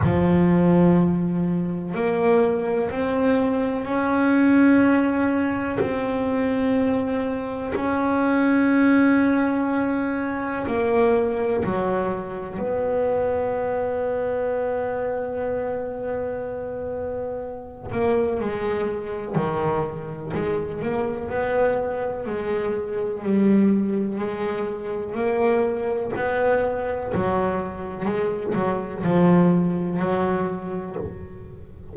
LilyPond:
\new Staff \with { instrumentName = "double bass" } { \time 4/4 \tempo 4 = 62 f2 ais4 c'4 | cis'2 c'2 | cis'2. ais4 | fis4 b2.~ |
b2~ b8 ais8 gis4 | dis4 gis8 ais8 b4 gis4 | g4 gis4 ais4 b4 | fis4 gis8 fis8 f4 fis4 | }